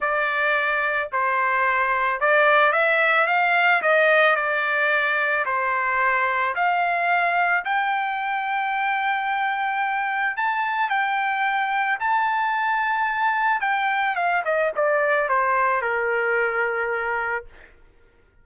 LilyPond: \new Staff \with { instrumentName = "trumpet" } { \time 4/4 \tempo 4 = 110 d''2 c''2 | d''4 e''4 f''4 dis''4 | d''2 c''2 | f''2 g''2~ |
g''2. a''4 | g''2 a''2~ | a''4 g''4 f''8 dis''8 d''4 | c''4 ais'2. | }